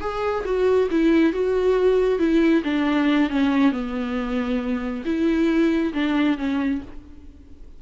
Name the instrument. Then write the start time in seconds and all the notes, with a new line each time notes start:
viola
0.00 G#4
0.45 F#4
0.90 E4
1.32 F#4
2.18 E4
2.64 D4
3.30 C#4
3.72 B3
5.05 E4
5.93 D4
6.37 C#4